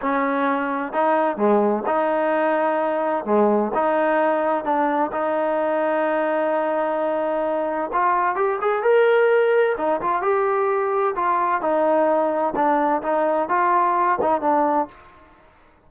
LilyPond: \new Staff \with { instrumentName = "trombone" } { \time 4/4 \tempo 4 = 129 cis'2 dis'4 gis4 | dis'2. gis4 | dis'2 d'4 dis'4~ | dis'1~ |
dis'4 f'4 g'8 gis'8 ais'4~ | ais'4 dis'8 f'8 g'2 | f'4 dis'2 d'4 | dis'4 f'4. dis'8 d'4 | }